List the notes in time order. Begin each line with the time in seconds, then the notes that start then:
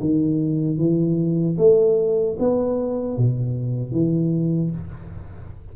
0.00 D#3
0.78 E3
1.58 A3
2.39 B3
3.17 B2
3.92 E3